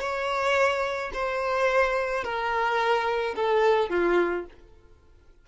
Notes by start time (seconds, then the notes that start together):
0.00 C#5
1.14 C5
2.24 A#4
3.35 A4
3.89 F4